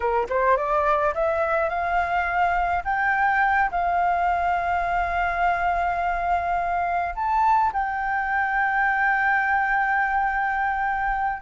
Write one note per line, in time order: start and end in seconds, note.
0.00 0.26 A#4
0.29 0.56 C5
0.56 1.14 D5
1.14 1.69 E5
1.69 2.83 F5
2.84 3.70 G5
3.71 7.14 F5
7.15 7.72 A5
7.72 11.42 G5